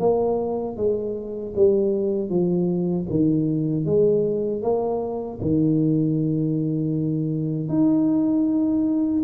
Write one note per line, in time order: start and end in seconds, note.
0.00 0.77 A#3
0.77 1.54 G#3
1.56 2.30 G3
2.30 3.07 F3
3.10 3.86 D#3
3.86 4.63 G#3
4.63 5.40 A#3
5.42 7.69 D#3
7.69 9.23 D#4